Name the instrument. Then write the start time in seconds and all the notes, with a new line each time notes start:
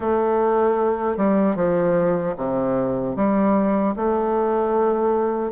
bassoon
0.00 A3
1.17 G3
1.55 F3
2.36 C3
3.16 G3
3.95 A3